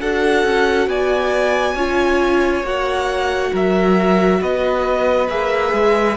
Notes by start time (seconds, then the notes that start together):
0.00 D4 F#4 A4 F#5
0.43 C#4
0.87 B3 D5 G#5
1.74 C#4 F4 C#5
2.63 A#3 F#4 F#5
3.51 F#3 A#4 E5
4.41 B3 B4 D#5
5.28 A#3 G#4 E5
5.72 G#3